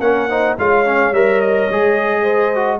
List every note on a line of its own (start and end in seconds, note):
0.00 0.56 A#3
0.00 0.29 C#4
0.00 0.29 A#4
0.00 0.56 F#5
0.29 0.57 D#4
0.29 0.57 C5
0.58 1.12 G#3
0.58 0.85 F4
0.58 2.23 C#5
0.58 1.14 F5
0.85 1.13 C#4
1.12 1.68 G3
1.12 1.70 A#4
1.12 1.41 E5
1.41 2.80 D#5
1.70 2.80 G#3
1.70 2.55 G#4
2.23 2.79 C5
2.55 2.80 F#4